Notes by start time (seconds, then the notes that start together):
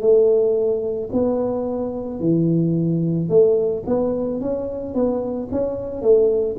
0.00 A3
1.12 B3
2.20 E3
3.28 A3
3.86 B3
4.40 C#4
4.94 B3
5.51 C#4
6.01 A3